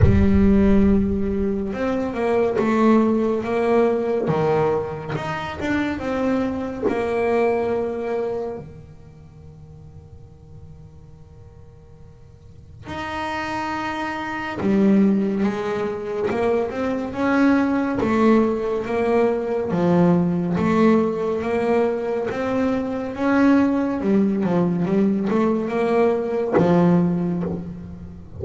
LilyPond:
\new Staff \with { instrumentName = "double bass" } { \time 4/4 \tempo 4 = 70 g2 c'8 ais8 a4 | ais4 dis4 dis'8 d'8 c'4 | ais2 dis2~ | dis2. dis'4~ |
dis'4 g4 gis4 ais8 c'8 | cis'4 a4 ais4 f4 | a4 ais4 c'4 cis'4 | g8 f8 g8 a8 ais4 f4 | }